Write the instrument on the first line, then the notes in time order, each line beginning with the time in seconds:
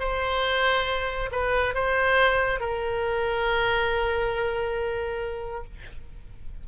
oboe
0.00 C5
1.32 B4
1.75 C5
2.60 A#4